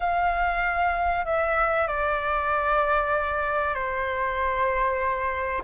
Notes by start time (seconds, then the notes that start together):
0.00 F5
1.25 E5
1.87 D5
3.74 C5